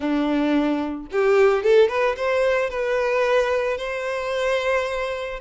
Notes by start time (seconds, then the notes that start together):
0.00 D4
1.11 G4
1.63 A4
1.88 B4
2.16 C5
2.70 B4
3.77 C5